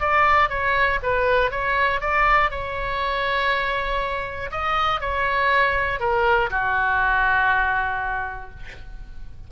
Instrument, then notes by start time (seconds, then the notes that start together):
oboe
0.00 D5
0.50 C#5
1.03 B4
1.52 C#5
2.01 D5
2.51 C#5
4.52 D#5
5.01 C#5
6.00 A#4
6.50 F#4